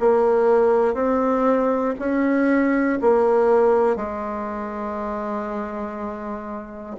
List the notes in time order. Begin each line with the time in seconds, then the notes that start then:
0.00 A#3
0.94 C4
1.99 C#4
3.01 A#3
3.96 G#3